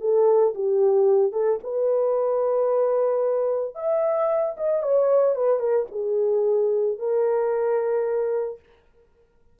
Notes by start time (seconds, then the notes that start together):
0.00 A4
0.54 G4
1.32 A4
1.63 B4
3.75 E5
4.57 D#5
4.82 C#5
5.35 B4
5.59 A#4
5.91 G#4
6.98 A#4